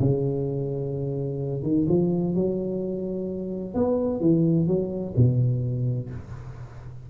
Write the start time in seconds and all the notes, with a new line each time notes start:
0.00 C#3
1.63 D#3
1.89 F3
2.35 F#3
3.75 B3
4.21 E3
4.68 F#3
5.16 B2